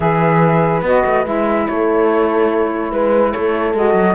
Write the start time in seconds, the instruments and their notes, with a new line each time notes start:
0.00 cello E3, saxophone G#4, horn B4, flute E5
0.82 cello B3, saxophone F#4, flute D#5
1.05 cello A3
1.24 cello G#3, saxophone E4, flute E5
1.67 cello A3, horn A4, flute C#5
2.90 cello G#3, horn B4, flute B4
3.31 cello A3, horn A4, flute C#5
3.73 cello G#3, saxophone F#4, flute D#5
3.93 cello F#3